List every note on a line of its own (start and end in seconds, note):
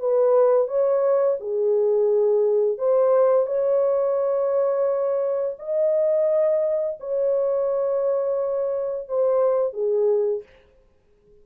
0.00 0.68 B4
0.68 1.38 C#5
1.40 2.78 G#4
2.78 3.47 C5
3.47 5.56 C#5
5.59 6.99 D#5
7.00 9.09 C#5
9.09 9.73 C5
9.73 10.43 G#4